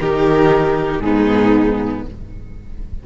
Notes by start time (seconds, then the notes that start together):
0.00 D#3 D#4 G4 A#4
1.00 G#2 B3 D#4 G#4